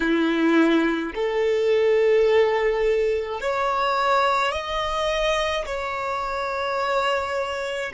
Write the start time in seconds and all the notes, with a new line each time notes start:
0.00 E4
1.14 A4
3.41 C#5
4.51 D#5
5.65 C#5